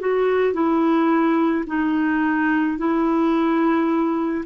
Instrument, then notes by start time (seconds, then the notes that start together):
clarinet
0.00 F#4
0.54 E4
1.67 D#4
2.78 E4